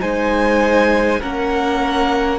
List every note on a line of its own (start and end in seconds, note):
0.00 1.22 G#3
0.00 1.20 D#4
0.00 1.21 C5
0.00 1.21 G#5
1.21 2.39 A#3
1.21 2.39 C#4
1.21 2.39 A#4
1.21 2.39 F#5